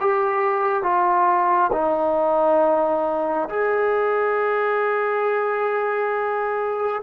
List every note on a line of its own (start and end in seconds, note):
0.00 0.83 G4
0.83 1.71 F4
1.72 3.49 D#4
3.49 7.02 G#4